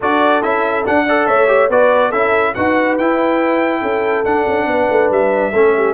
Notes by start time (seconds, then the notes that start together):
0.00 D4 F#4 A4 D5
0.42 C#4 E4 E5
0.84 D4 F#5
1.06 A4 D5
1.27 A3 C#5 E5
1.47 G4
1.69 B3 F#4 B4 D5
2.09 C#4 E4 A4 E5
2.54 D#4 F#4 B4 F#5
2.98 E4 G5
3.81 C#4 A4
4.24 D4 F#5
4.47 C#4
4.66 B3 B4
4.89 A3
5.10 G3 E5
5.52 A3 C#4 A4
5.76 G4